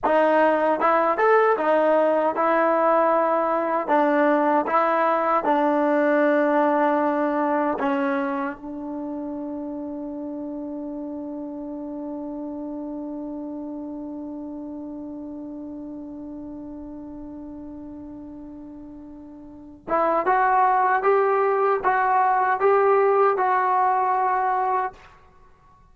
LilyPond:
\new Staff \with { instrumentName = "trombone" } { \time 4/4 \tempo 4 = 77 dis'4 e'8 a'8 dis'4 e'4~ | e'4 d'4 e'4 d'4~ | d'2 cis'4 d'4~ | d'1~ |
d'1~ | d'1~ | d'4. e'8 fis'4 g'4 | fis'4 g'4 fis'2 | }